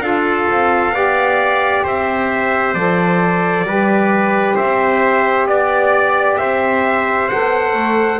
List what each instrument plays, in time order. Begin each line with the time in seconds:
0.00 double bass D4, saxophone F4, trumpet A4 F5
0.49 double bass C4
0.91 double bass B3, saxophone G4, trumpet D5
1.84 double bass C4, trumpet C5 E5
2.73 double bass F3, saxophone A4, trumpet D5
3.63 double bass G3, saxophone G4, trumpet B4
4.55 double bass C4, trumpet C5 E5
5.46 double bass B3, trumpet D5
6.37 double bass C4, trumpet C5 E5
7.28 double bass B3, saxophone A4, trumpet F#5
7.73 double bass A3